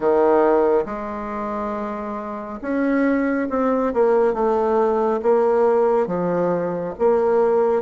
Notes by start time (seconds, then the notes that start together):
0.00 D#3
0.85 G#3
2.61 C#4
3.49 C4
3.93 A#3
4.33 A3
5.22 A#3
6.07 F3
6.98 A#3